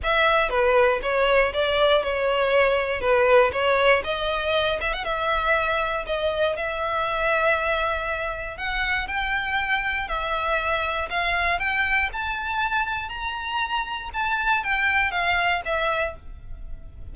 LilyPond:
\new Staff \with { instrumentName = "violin" } { \time 4/4 \tempo 4 = 119 e''4 b'4 cis''4 d''4 | cis''2 b'4 cis''4 | dis''4. e''16 fis''16 e''2 | dis''4 e''2.~ |
e''4 fis''4 g''2 | e''2 f''4 g''4 | a''2 ais''2 | a''4 g''4 f''4 e''4 | }